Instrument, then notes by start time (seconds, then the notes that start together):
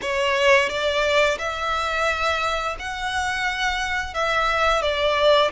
violin
0.01 C#5
0.69 D5
1.38 E5
2.79 F#5
4.14 E5
4.82 D5